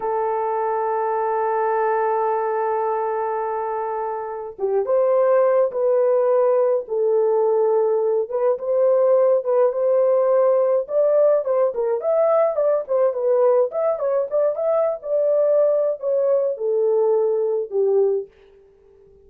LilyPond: \new Staff \with { instrumentName = "horn" } { \time 4/4 \tempo 4 = 105 a'1~ | a'1 | g'8 c''4. b'2 | a'2~ a'8 b'8 c''4~ |
c''8 b'8 c''2 d''4 | c''8 ais'8 e''4 d''8 c''8 b'4 | e''8 cis''8 d''8 e''8. d''4.~ d''16 | cis''4 a'2 g'4 | }